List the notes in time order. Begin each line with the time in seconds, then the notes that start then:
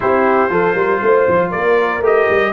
0.00 C4 E4 G4 C5
0.50 F3 F4 A4
0.74 G3 A#4
1.01 A3 C5
1.27 F3
1.50 A#3 A#4 D5
2.00 A3 G4 D#5
2.29 G3